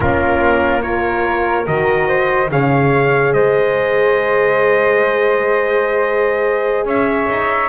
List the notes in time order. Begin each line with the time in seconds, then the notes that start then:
0.00 A#3 C#4 F4 A#4
0.81 F4 A#4 C#5
1.65 D#3 F#4 D#5
2.08 C5
2.50 C#3 G#4 C#5 F5
3.33 G#3 C5 D#5
6.85 C#4 C#5 E5
7.29 D#4